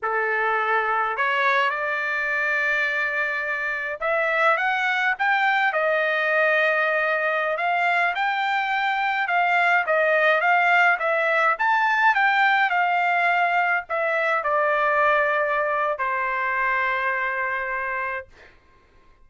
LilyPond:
\new Staff \with { instrumentName = "trumpet" } { \time 4/4 \tempo 4 = 105 a'2 cis''4 d''4~ | d''2. e''4 | fis''4 g''4 dis''2~ | dis''4~ dis''16 f''4 g''4.~ g''16~ |
g''16 f''4 dis''4 f''4 e''8.~ | e''16 a''4 g''4 f''4.~ f''16~ | f''16 e''4 d''2~ d''8. | c''1 | }